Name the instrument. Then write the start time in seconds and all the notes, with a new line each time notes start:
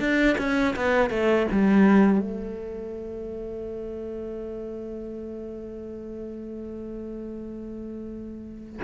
cello
0.00 D4
0.38 C#4
0.76 B3
1.10 A3
1.52 G3
2.20 A3